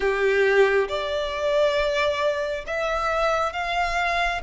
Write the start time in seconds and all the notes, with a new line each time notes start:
0.00 G4
0.88 D5
2.66 E5
3.53 F5